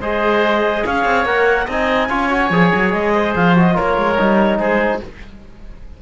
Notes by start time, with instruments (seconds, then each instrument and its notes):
0.00 cello G#3, trombone G#4, oboe C5, clarinet D#5
0.85 cello C#4, oboe C#5, clarinet F5
1.05 cello C4
1.25 cello A#3, trombone A#4, clarinet F#5
1.65 cello C4, trombone D#4, oboe D#5, clarinet G#5
2.09 cello C#4, trombone F4, oboe C#5
2.29 trombone F#4
2.49 cello F3, trombone G#4
2.74 cello F#3
2.92 cello G#3, clarinet D#5
3.14 oboe C5
3.35 cello F3, clarinet F5
3.55 trombone F#4, clarinet D#5
3.72 trombone F4, oboe A#4, clarinet C#5
3.79 cello A#3
3.97 cello G#3
4.18 cello G3, trombone D#4
4.58 cello G#3, oboe G#4, clarinet C5